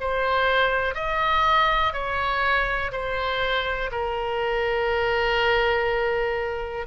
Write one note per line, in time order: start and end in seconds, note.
0.00 0.95 C5
0.95 1.93 D#5
1.93 2.92 C#5
2.92 3.90 C5
3.91 6.86 A#4